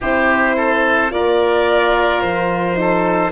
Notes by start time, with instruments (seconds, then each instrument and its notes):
0.00 tuba C4, horn E4, oboe G4, violin C5
0.56 oboe A4
1.10 tuba A#3, horn F4, oboe A#4, violin D5
2.20 tuba F3, violin C5
2.75 horn D#4, oboe A4